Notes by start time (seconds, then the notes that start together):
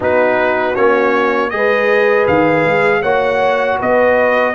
0.00 B3 D#4 F#4 B4
0.75 A#3 C#4 C#5
1.50 G#3 G#4 B4 D#5
2.27 D#3 F5
2.65 G#3
3.01 A#3 F#4 C#5 F#5
3.79 B3 B4 D#5